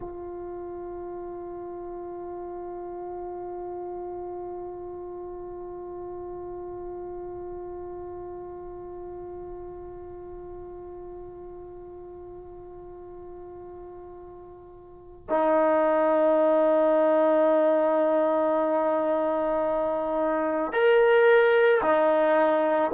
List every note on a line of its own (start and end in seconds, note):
0.00 15.26 F4
15.29 20.72 D#4
20.72 21.81 A#4
21.82 22.91 D#4